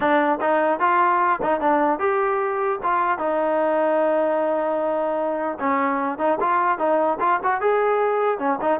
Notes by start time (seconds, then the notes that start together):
0.00 D4
0.41 D#4
0.79 F4
1.42 D#4
1.60 D4
1.99 G4
2.83 F4
3.18 D#4
5.59 C#4
6.18 D#4
6.40 F4
6.78 D#4
7.19 F4
7.43 F#4
7.60 G#4
8.38 C#4
8.61 D#4